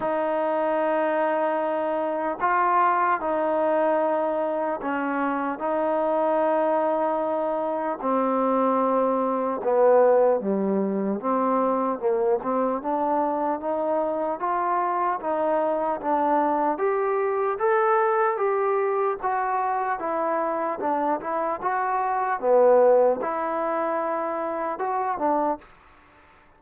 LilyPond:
\new Staff \with { instrumentName = "trombone" } { \time 4/4 \tempo 4 = 75 dis'2. f'4 | dis'2 cis'4 dis'4~ | dis'2 c'2 | b4 g4 c'4 ais8 c'8 |
d'4 dis'4 f'4 dis'4 | d'4 g'4 a'4 g'4 | fis'4 e'4 d'8 e'8 fis'4 | b4 e'2 fis'8 d'8 | }